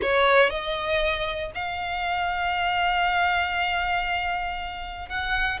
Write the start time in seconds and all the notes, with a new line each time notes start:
0.02 C#5
0.50 D#5
1.55 F5
5.08 F#5